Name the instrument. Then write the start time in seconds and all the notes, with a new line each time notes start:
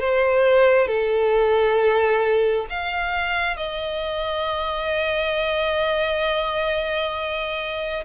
violin
0.00 C5
0.88 A4
2.70 F5
3.57 D#5